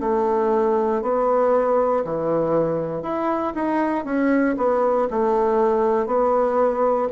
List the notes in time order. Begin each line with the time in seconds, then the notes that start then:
0.00 A3
1.02 B3
2.04 E3
3.02 E4
3.55 D#4
4.04 C#4
4.57 B3
5.10 A3
6.06 B3